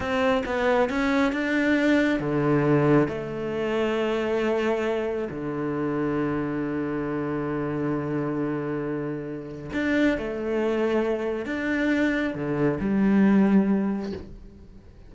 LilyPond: \new Staff \with { instrumentName = "cello" } { \time 4/4 \tempo 4 = 136 c'4 b4 cis'4 d'4~ | d'4 d2 a4~ | a1 | d1~ |
d1~ | d2 d'4 a4~ | a2 d'2 | d4 g2. | }